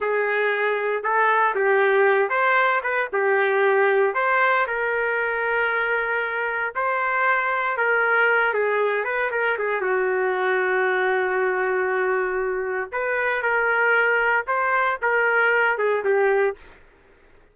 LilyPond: \new Staff \with { instrumentName = "trumpet" } { \time 4/4 \tempo 4 = 116 gis'2 a'4 g'4~ | g'8 c''4 b'8 g'2 | c''4 ais'2.~ | ais'4 c''2 ais'4~ |
ais'8 gis'4 b'8 ais'8 gis'8 fis'4~ | fis'1~ | fis'4 b'4 ais'2 | c''4 ais'4. gis'8 g'4 | }